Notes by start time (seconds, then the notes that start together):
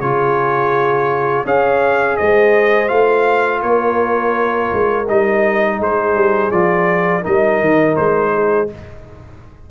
0.00 C#3 F4 G#4 C#5
1.45 C#4 G#4 C#5 F5
2.17 G#3 C5 D#5
2.88 A3 F4 F5
3.62 A#3 A#4 C#5
4.73 G#3
5.08 G3 D#4 D#5
5.78 G#3 G#4 C5
6.15 G3
6.51 F3 F4 D5
7.21 G3 D#4 A#4 D#5
7.60 D#3
7.96 G#3 C5
8.34 G#4